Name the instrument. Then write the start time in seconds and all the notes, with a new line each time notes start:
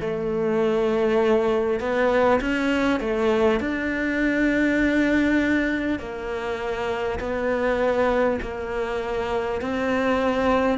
cello
0.00 A3
1.80 B3
2.41 C#4
2.99 A3
3.59 D4
5.99 A#3
7.19 B3
8.41 A#3
9.61 C4